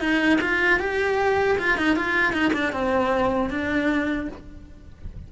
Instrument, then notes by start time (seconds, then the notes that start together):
cello
0.00 D#4
0.41 F4
0.79 G4
1.58 F4
1.77 D#4
1.96 F4
2.32 D#4
2.53 D4
2.72 C4
3.50 D4